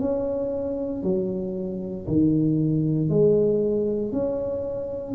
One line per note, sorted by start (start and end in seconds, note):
0.00 1.03 C#4
1.03 2.07 F#3
2.08 3.10 D#3
3.10 4.13 G#3
4.13 5.15 C#4